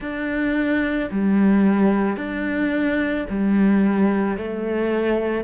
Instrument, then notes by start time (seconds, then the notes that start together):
cello
0.00 D4
1.11 G3
2.16 D4
3.29 G3
4.37 A3